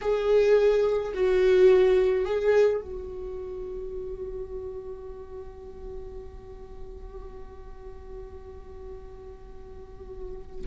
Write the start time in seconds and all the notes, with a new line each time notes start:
0.01 G#4
1.14 F#4
2.25 G#4
2.81 F#4